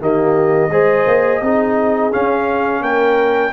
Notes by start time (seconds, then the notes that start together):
0.00 D#3 A#3 G4 D#5
0.70 G#3 G#4 C5
1.07 A#3
1.42 C4 D#4 G#4
2.12 C#4 F5
2.82 A#3 A#4 G5